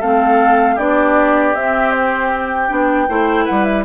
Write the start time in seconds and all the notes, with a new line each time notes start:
0.00 A3 C4 A4 F5
0.75 B3 D4 G4 D5
1.55 C4 E5
1.92 C5
2.34 G5
2.69 B3 D4
3.09 A3 E4 C5
3.45 G3 B4 F#5
3.65 E5